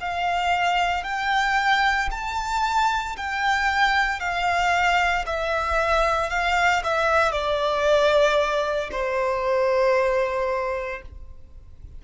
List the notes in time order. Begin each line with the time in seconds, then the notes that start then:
0.00 F5
1.04 G5
2.11 A5
3.17 G5
4.20 F5
5.26 E5
6.30 F5
6.84 E5
7.32 D5
8.91 C5